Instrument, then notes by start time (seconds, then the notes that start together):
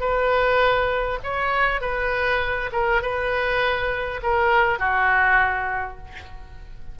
oboe
0.00 B4
1.23 C#5
1.81 B4
2.72 A#4
3.02 B4
4.22 A#4
4.79 F#4